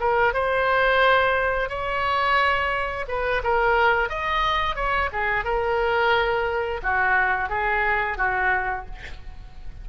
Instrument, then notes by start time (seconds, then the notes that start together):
oboe
0.00 A#4
0.34 C5
1.70 C#5
3.08 B4
3.44 A#4
4.09 D#5
4.76 C#5
5.13 G#4
5.45 A#4
6.83 F#4
7.49 G#4
8.18 F#4